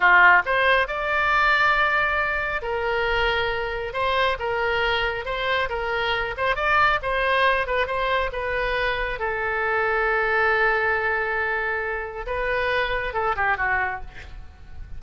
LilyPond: \new Staff \with { instrumentName = "oboe" } { \time 4/4 \tempo 4 = 137 f'4 c''4 d''2~ | d''2 ais'2~ | ais'4 c''4 ais'2 | c''4 ais'4. c''8 d''4 |
c''4. b'8 c''4 b'4~ | b'4 a'2.~ | a'1 | b'2 a'8 g'8 fis'4 | }